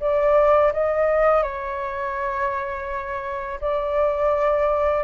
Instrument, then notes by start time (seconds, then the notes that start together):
flute
0.00 D5
0.73 D#5
1.43 C#5
3.61 D5